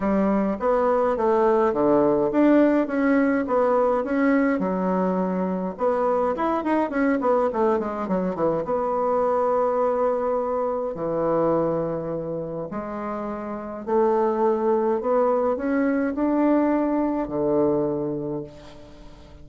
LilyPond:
\new Staff \with { instrumentName = "bassoon" } { \time 4/4 \tempo 4 = 104 g4 b4 a4 d4 | d'4 cis'4 b4 cis'4 | fis2 b4 e'8 dis'8 | cis'8 b8 a8 gis8 fis8 e8 b4~ |
b2. e4~ | e2 gis2 | a2 b4 cis'4 | d'2 d2 | }